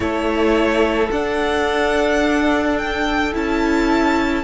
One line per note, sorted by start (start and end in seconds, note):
0.00 1.09 A3
0.00 1.08 E4
0.00 4.43 A4
0.00 1.09 C#5
1.11 3.33 D4
1.11 3.32 D4
1.11 2.77 F#5
2.77 3.33 G5
3.32 4.43 C#4
3.32 4.43 E4
3.32 4.43 A5